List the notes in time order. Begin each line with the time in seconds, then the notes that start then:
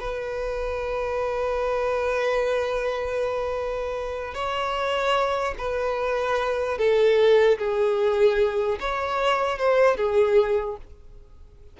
0.00 B4
4.34 C#5
5.58 B4
6.78 A4
7.58 G#4
8.80 C#5
9.58 C5
9.96 G#4